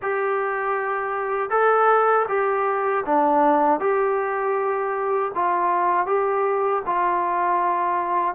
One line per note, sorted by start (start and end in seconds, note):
0.02 1.50 G4
1.50 2.26 A4
2.28 3.04 G4
3.05 3.79 D4
3.79 5.31 G4
5.34 6.06 F4
6.06 6.82 G4
6.86 8.34 F4